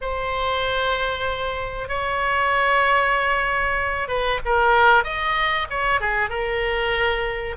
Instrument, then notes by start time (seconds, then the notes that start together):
oboe
0.01 C5
1.88 C#5
4.08 B4
4.45 A#4
5.04 D#5
5.70 C#5
6.00 G#4
6.29 A#4